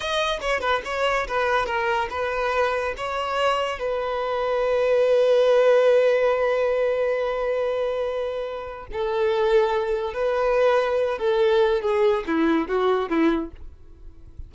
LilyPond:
\new Staff \with { instrumentName = "violin" } { \time 4/4 \tempo 4 = 142 dis''4 cis''8 b'8 cis''4 b'4 | ais'4 b'2 cis''4~ | cis''4 b'2.~ | b'1~ |
b'1~ | b'4 a'2. | b'2~ b'8 a'4. | gis'4 e'4 fis'4 e'4 | }